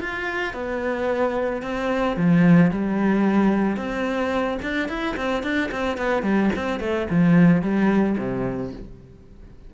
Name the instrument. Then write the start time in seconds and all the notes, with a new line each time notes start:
cello
0.00 F4
0.53 B3
1.62 C4
2.16 F3
2.70 G3
3.76 C4
4.62 D4
4.88 E4
5.16 C4
5.43 D4
5.71 C4
5.97 B3
6.22 G3
6.55 C4
6.80 A3
7.10 F3
7.61 G3
8.17 C3